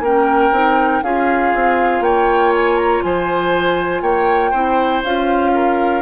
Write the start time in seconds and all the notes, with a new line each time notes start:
0.00 A#3 C#4 A#4 G5
0.52 C4 D#4
1.03 C#4 F4 G#4 F5
1.55 C4
2.00 A#3 C#5 G5
2.55 G#5
2.77 A#5
3.03 F3 C5 G#5
4.02 A#3 C#5 G5
4.51 C4 E4 C5
5.04 C#4 F4 F5
5.54 A#4